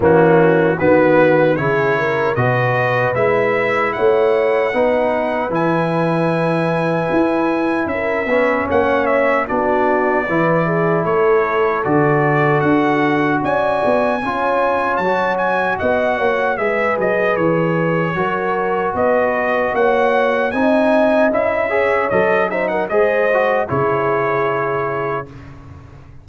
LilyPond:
<<
  \new Staff \with { instrumentName = "trumpet" } { \time 4/4 \tempo 4 = 76 fis'4 b'4 cis''4 dis''4 | e''4 fis''2 gis''4~ | gis''2 e''4 fis''8 e''8 | d''2 cis''4 d''4 |
fis''4 gis''2 a''8 gis''8 | fis''4 e''8 dis''8 cis''2 | dis''4 fis''4 gis''4 e''4 | dis''8 e''16 fis''16 dis''4 cis''2 | }
  \new Staff \with { instrumentName = "horn" } { \time 4/4 cis'4 fis'4 gis'8 ais'8 b'4~ | b'4 cis''4 b'2~ | b'2 ais'8 b'8 cis''4 | fis'4 b'8 gis'8 a'2~ |
a'4 d''4 cis''2 | dis''8 cis''8 b'2 ais'4 | b'4 cis''4 dis''4. cis''8~ | cis''8 c''16 ais'16 c''4 gis'2 | }
  \new Staff \with { instrumentName = "trombone" } { \time 4/4 ais4 b4 e'4 fis'4 | e'2 dis'4 e'4~ | e'2~ e'8 cis'4. | d'4 e'2 fis'4~ |
fis'2 f'4 fis'4~ | fis'4 gis'2 fis'4~ | fis'2 dis'4 e'8 gis'8 | a'8 dis'8 gis'8 fis'8 e'2 | }
  \new Staff \with { instrumentName = "tuba" } { \time 4/4 e4 dis4 cis4 b,4 | gis4 a4 b4 e4~ | e4 e'4 cis'8 b8 ais4 | b4 e4 a4 d4 |
d'4 cis'8 b8 cis'4 fis4 | b8 ais8 gis8 fis8 e4 fis4 | b4 ais4 c'4 cis'4 | fis4 gis4 cis2 | }
>>